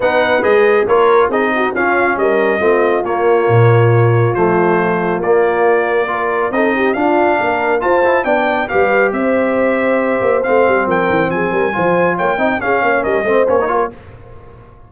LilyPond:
<<
  \new Staff \with { instrumentName = "trumpet" } { \time 4/4 \tempo 4 = 138 fis''4 dis''4 cis''4 dis''4 | f''4 dis''2 cis''4~ | cis''2 c''2 | d''2. dis''4 |
f''2 a''4 g''4 | f''4 e''2. | f''4 g''4 gis''2 | g''4 f''4 dis''4 cis''4 | }
  \new Staff \with { instrumentName = "horn" } { \time 4/4 b'2 ais'4 gis'8 fis'8 | f'4 ais'4 f'2~ | f'1~ | f'2 ais'4 a'8 g'8 |
f'4 ais'4 c''4 d''4 | b'4 c''2.~ | c''4 ais'4 gis'8 ais'8 c''4 | cis''8 dis''8 gis'8 cis''8 ais'8 c''4 ais'8 | }
  \new Staff \with { instrumentName = "trombone" } { \time 4/4 dis'4 gis'4 f'4 dis'4 | cis'2 c'4 ais4~ | ais2 a2 | ais2 f'4 dis'4 |
d'2 f'8 e'8 d'4 | g'1 | c'2. f'4~ | f'8 dis'8 cis'4. c'8 cis'16 dis'16 f'8 | }
  \new Staff \with { instrumentName = "tuba" } { \time 4/4 b4 gis4 ais4 c'4 | cis'4 g4 a4 ais4 | ais,2 f2 | ais2. c'4 |
d'4 ais4 f'4 b4 | g4 c'2~ c'8 ais8 | a8 g8 f8 e8 f8 g8 f4 | ais8 c'8 cis'8 ais8 g8 a8 ais4 | }
>>